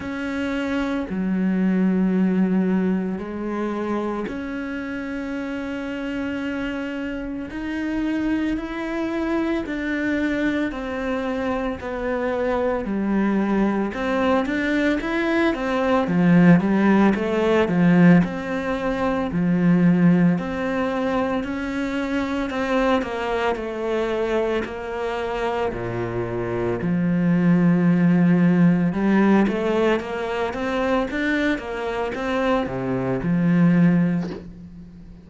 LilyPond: \new Staff \with { instrumentName = "cello" } { \time 4/4 \tempo 4 = 56 cis'4 fis2 gis4 | cis'2. dis'4 | e'4 d'4 c'4 b4 | g4 c'8 d'8 e'8 c'8 f8 g8 |
a8 f8 c'4 f4 c'4 | cis'4 c'8 ais8 a4 ais4 | ais,4 f2 g8 a8 | ais8 c'8 d'8 ais8 c'8 c8 f4 | }